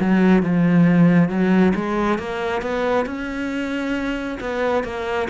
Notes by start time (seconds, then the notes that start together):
0.00 F#3
0.43 F3
1.29 F#3
1.75 G#3
2.19 A#3
2.62 B3
3.06 C#4
4.40 B3
4.84 A#3